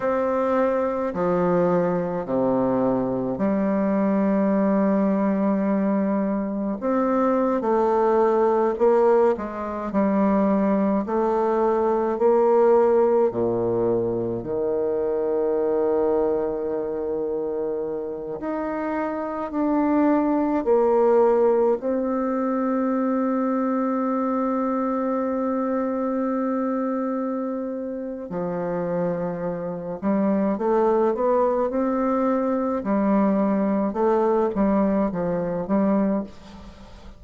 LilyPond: \new Staff \with { instrumentName = "bassoon" } { \time 4/4 \tempo 4 = 53 c'4 f4 c4 g4~ | g2 c'8. a4 ais16~ | ais16 gis8 g4 a4 ais4 ais,16~ | ais,8. dis2.~ dis16~ |
dis16 dis'4 d'4 ais4 c'8.~ | c'1~ | c'4 f4. g8 a8 b8 | c'4 g4 a8 g8 f8 g8 | }